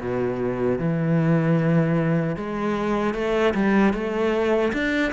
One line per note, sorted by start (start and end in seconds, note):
0.00 0.78 B2
0.78 2.36 E3
2.36 3.14 G#3
3.14 3.53 A3
3.54 3.93 G3
3.93 4.72 A3
4.73 5.12 D4